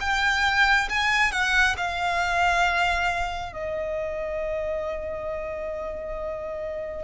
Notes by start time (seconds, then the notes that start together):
0.00 G5
0.89 G#5
1.32 F#5
1.77 F5
3.53 D#5